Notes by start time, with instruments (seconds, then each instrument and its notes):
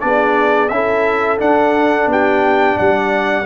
0.00 tuba B3, trombone D4, horn G#4, trumpet D5
0.69 tuba C#4, trombone E4, horn A4, trumpet E5
1.39 trombone D4, tuba D4, trumpet F#5
2.07 tuba B3, horn G4, trumpet G5
2.77 tuba G3, horn D5, trumpet F#5